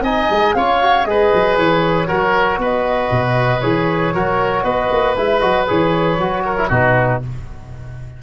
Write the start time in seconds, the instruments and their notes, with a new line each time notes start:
0.00 tuba C4, trombone D#4, oboe D#5, flute G#5
0.30 tuba G#3
0.54 tuba C#4, trombone F4, oboe C#5, flute F5
0.82 trombone F#4
1.05 tuba G#3, trombone G#4, oboe B4, flute D#5
1.34 tuba F#3
1.57 tuba E3, flute C#5
2.07 tuba F#3, trombone F#4, oboe A#4
2.58 tuba B3, oboe B4, flute D#5
3.11 tuba B2
3.61 tuba E3, trombone G#4, flute C#5
4.14 tuba F#3, trombone F#4, oboe A#4
4.64 tuba B3, oboe B4, flute D#5
4.91 tuba A#3
5.16 tuba G#3, trombone E4, flute E5
5.40 tuba F#3, trombone F#4, flute D#5
5.67 tuba E3, trombone G#4, flute C#5
6.18 tuba F#3, trombone F#4
6.45 oboe A#4
6.57 trombone E4
6.68 tuba B2, trombone D#4, oboe F#4, flute B4